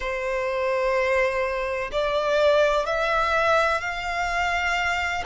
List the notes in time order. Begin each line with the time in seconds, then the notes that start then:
0.00 C5
1.92 D5
2.86 E5
3.81 F5